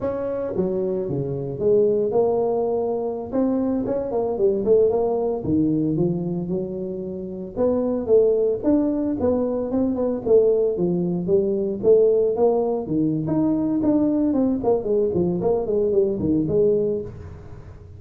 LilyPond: \new Staff \with { instrumentName = "tuba" } { \time 4/4 \tempo 4 = 113 cis'4 fis4 cis4 gis4 | ais2~ ais16 c'4 cis'8 ais16~ | ais16 g8 a8 ais4 dis4 f8.~ | f16 fis2 b4 a8.~ |
a16 d'4 b4 c'8 b8 a8.~ | a16 f4 g4 a4 ais8.~ | ais16 dis8. dis'4 d'4 c'8 ais8 | gis8 f8 ais8 gis8 g8 dis8 gis4 | }